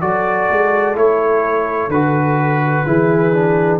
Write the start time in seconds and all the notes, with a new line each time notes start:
0.00 F#3 F#4 A4 D5
0.50 G#3
0.95 A3 E4 C#5
1.88 D3 F#4 B4
2.85 E3 E4 G#4
3.33 D4